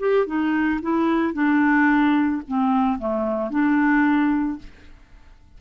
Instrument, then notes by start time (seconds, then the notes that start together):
clarinet
0.00 G4
0.26 D#4
0.82 E4
1.34 D4
2.48 C4
2.99 A3
3.51 D4